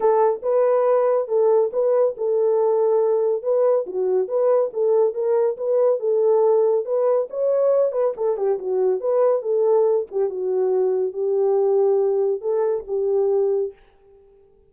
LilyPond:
\new Staff \with { instrumentName = "horn" } { \time 4/4 \tempo 4 = 140 a'4 b'2 a'4 | b'4 a'2. | b'4 fis'4 b'4 a'4 | ais'4 b'4 a'2 |
b'4 cis''4. b'8 a'8 g'8 | fis'4 b'4 a'4. g'8 | fis'2 g'2~ | g'4 a'4 g'2 | }